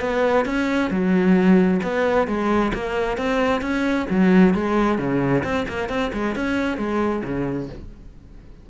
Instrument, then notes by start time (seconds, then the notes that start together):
cello
0.00 B3
0.46 C#4
0.90 F#3
1.83 B3
2.27 G#3
2.74 A#3
3.17 C4
3.62 C#4
4.09 F#3
4.54 G#3
4.98 C#3
5.44 C4
5.68 A#3
5.89 C4
6.13 G#3
6.35 C#4
6.78 G#3
7.24 C#3